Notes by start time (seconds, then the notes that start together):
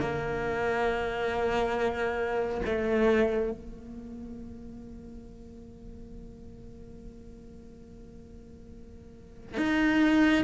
0.00 A#3
2.65 A3
3.51 A#3
9.57 D#4